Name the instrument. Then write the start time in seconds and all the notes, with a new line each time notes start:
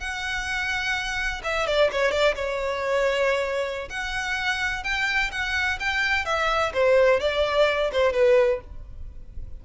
violin
0.00 F#5
1.44 E5
1.67 D5
1.92 C#5
2.11 D5
2.35 C#5
3.90 F#5
4.84 G5
5.32 F#5
5.80 G5
6.25 E5
6.73 C5
7.20 D5
7.92 C5
8.13 B4